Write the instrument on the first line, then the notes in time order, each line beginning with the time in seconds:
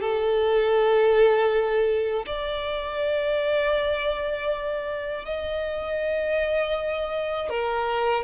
violin
0.00 A4
2.26 D5
5.25 D#5
7.49 A#4